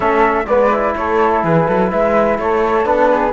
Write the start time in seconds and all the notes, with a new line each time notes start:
0.00 A3 C#4 A4 E5
0.46 G#3 B3 B4 D5
0.71 E4
0.96 A3 A4 C#5
1.43 E3 G#4 B4
1.66 F#3 A4
1.90 G#3 B4 E5
2.38 A3 A4 C#5
2.84 B3 D4 B4
3.10 G#4